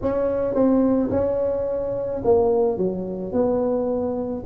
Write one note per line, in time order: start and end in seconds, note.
0.02 0.54 C#4
0.54 1.10 C4
1.10 2.21 C#4
2.24 2.77 A#3
2.77 3.32 F#3
3.32 4.43 B3